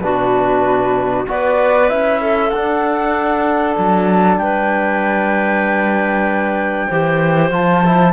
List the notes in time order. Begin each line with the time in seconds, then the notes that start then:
0.00 B2 D4 F#4 B4
1.27 B3 F#4 B4 D5
1.89 C#4 E4 E5
2.21 A4
2.49 D4 F#5
3.78 F#3 A5
4.37 G3 B4 G5
6.88 E3 G4 C5
7.51 F3 F4 A5
7.85 E4